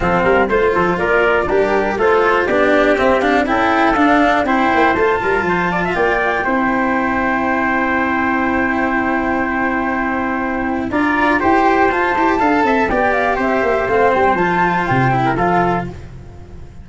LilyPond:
<<
  \new Staff \with { instrumentName = "flute" } { \time 4/4 \tempo 4 = 121 f''4 c''4 d''4 ais'4 | c''4 d''4 e''8 f''8 g''4 | f''4 g''4 a''2 | g''1~ |
g''1~ | g''2 ais''4 g''4 | a''2 g''8 f''8 e''4 | f''8 g''8 a''4 g''4 f''4 | }
  \new Staff \with { instrumentName = "trumpet" } { \time 4/4 a'8 ais'8 c''8 a'8 ais'4 d'4 | a'4 g'2 a'4~ | a'4 c''4. ais'8 c''8 d''16 e''16 | d''4 c''2.~ |
c''1~ | c''2 d''4 c''4~ | c''4 f''8 e''8 d''4 c''4~ | c''2~ c''8. ais'16 a'4 | }
  \new Staff \with { instrumentName = "cello" } { \time 4/4 c'4 f'2 g'4 | f'4 d'4 c'8 d'8 e'4 | d'4 e'4 f'2~ | f'4 e'2.~ |
e'1~ | e'2 f'4 g'4 | f'8 g'8 a'4 g'2 | c'4 f'4. e'8 f'4 | }
  \new Staff \with { instrumentName = "tuba" } { \time 4/4 f8 g8 a8 f8 ais4 g4 | a4 b4 c'4 cis'4 | d'4 c'8 ais8 a8 g8 f4 | ais4 c'2.~ |
c'1~ | c'2 d'4 e'4 | f'8 e'8 d'8 c'8 b4 c'8 ais8 | a8 g8 f4 c4 f4 | }
>>